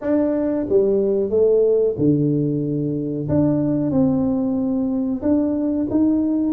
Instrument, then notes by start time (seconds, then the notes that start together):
tuba
0.01 D4
0.68 G3
1.30 A3
1.98 D3
3.28 D4
3.91 C4
5.22 D4
5.90 D#4